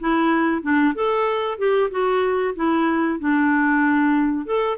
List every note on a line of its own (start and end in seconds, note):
0.00 0.62 E4
0.62 0.94 D4
0.95 1.58 A4
1.58 1.90 G4
1.91 2.54 F#4
2.56 3.19 E4
3.19 4.46 D4
4.46 4.78 A4